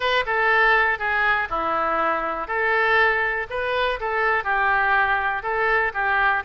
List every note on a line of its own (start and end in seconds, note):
0.00 0.24 B4
0.26 0.98 A4
0.98 1.48 G#4
1.49 2.47 E4
2.47 3.46 A4
3.50 3.99 B4
4.00 4.44 A4
4.44 5.43 G4
5.43 5.92 A4
5.93 6.43 G4